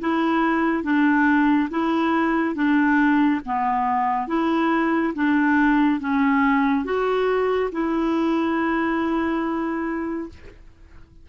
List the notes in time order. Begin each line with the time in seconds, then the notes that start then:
0.00 E4
0.83 D4
1.70 E4
2.55 D4
3.45 B3
4.27 E4
5.15 D4
6.00 C#4
6.85 F#4
7.72 E4